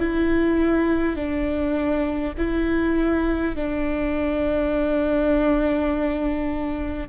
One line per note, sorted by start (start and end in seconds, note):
0.00 1.16 E4
1.16 2.34 D4
2.38 3.56 E4
3.56 7.09 D4